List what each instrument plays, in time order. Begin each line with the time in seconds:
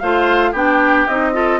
0.00 bassoon A3, clarinet F4, oboe C5, flute F5
0.52 bassoon B3, clarinet D4, oboe G4, flute G5
1.08 bassoon C4, clarinet D#4, flute D#5
1.34 clarinet F4, oboe A4